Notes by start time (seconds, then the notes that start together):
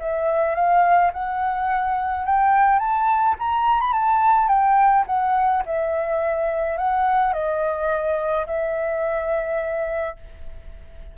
0.00 E5
0.55 F5
1.13 F#5
2.26 G5
2.79 A5
3.39 A#5
3.81 B5
3.93 A5
4.48 G5
5.07 F#5
5.66 E5
6.78 F#5
7.34 D#5
8.47 E5